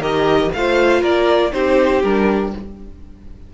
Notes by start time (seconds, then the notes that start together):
0.00 D#3 G4 A#4 D#5
0.54 A3 F4 C5 F5
1.02 A#3 A#4 D5
1.52 C4 D#4 G4 C5
2.03 G3 D4 A#4